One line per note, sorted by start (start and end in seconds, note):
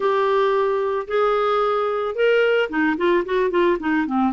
0.00 1.07 G4
1.07 2.15 G#4
2.15 2.69 A#4
2.69 2.96 D#4
2.97 3.24 F4
3.25 3.50 F#4
3.50 3.77 F4
3.79 4.06 D#4
4.06 4.32 C4